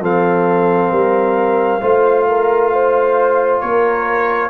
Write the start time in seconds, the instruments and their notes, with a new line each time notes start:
0.00 tuba F3, trombone C4, horn A4, trumpet F5
0.90 tuba G3, horn A#4
1.81 tuba A3, trombone F4, horn C5
2.28 horn A#4
2.71 horn C5
3.60 tuba A#3, horn A#4, trumpet C#5